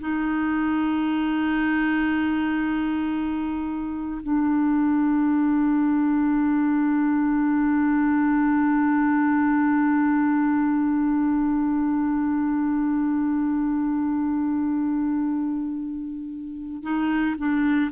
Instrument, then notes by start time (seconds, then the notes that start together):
clarinet
0.00 D#4
4.22 D4
16.83 D#4
17.38 D4